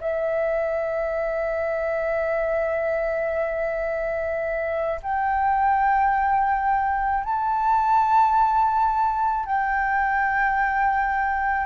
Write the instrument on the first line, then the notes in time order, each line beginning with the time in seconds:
flute
0.00 E5
5.03 G5
7.23 A5
9.45 G5